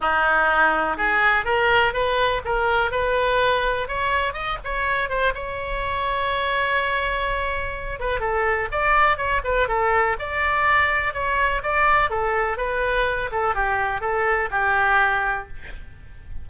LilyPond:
\new Staff \with { instrumentName = "oboe" } { \time 4/4 \tempo 4 = 124 dis'2 gis'4 ais'4 | b'4 ais'4 b'2 | cis''4 dis''8 cis''4 c''8 cis''4~ | cis''1~ |
cis''8 b'8 a'4 d''4 cis''8 b'8 | a'4 d''2 cis''4 | d''4 a'4 b'4. a'8 | g'4 a'4 g'2 | }